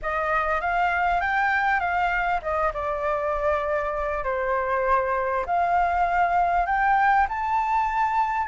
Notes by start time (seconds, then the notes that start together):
0.02 D#5
0.61 F5
1.21 G5
1.79 F5
2.41 D#5
2.73 D5
4.24 C5
5.45 F5
6.66 G5
7.29 A5